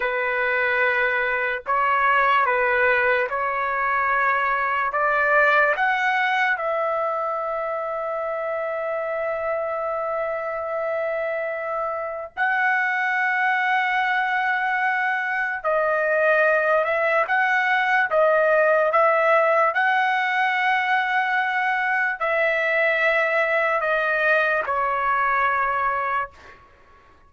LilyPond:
\new Staff \with { instrumentName = "trumpet" } { \time 4/4 \tempo 4 = 73 b'2 cis''4 b'4 | cis''2 d''4 fis''4 | e''1~ | e''2. fis''4~ |
fis''2. dis''4~ | dis''8 e''8 fis''4 dis''4 e''4 | fis''2. e''4~ | e''4 dis''4 cis''2 | }